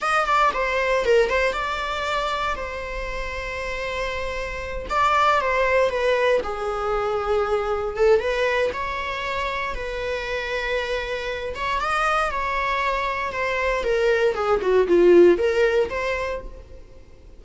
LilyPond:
\new Staff \with { instrumentName = "viola" } { \time 4/4 \tempo 4 = 117 dis''8 d''8 c''4 ais'8 c''8 d''4~ | d''4 c''2.~ | c''4. d''4 c''4 b'8~ | b'8 gis'2. a'8 |
b'4 cis''2 b'4~ | b'2~ b'8 cis''8 dis''4 | cis''2 c''4 ais'4 | gis'8 fis'8 f'4 ais'4 c''4 | }